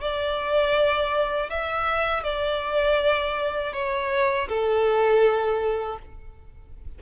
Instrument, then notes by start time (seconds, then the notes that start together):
violin
0.00 D5
1.49 E5
2.23 D5
3.73 C#5
4.48 A4